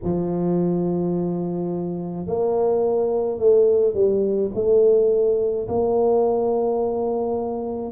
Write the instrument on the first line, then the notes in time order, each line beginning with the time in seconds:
tuba
0.03 F3
2.26 A#3
3.38 A3
3.94 G3
4.54 A3
5.68 A#3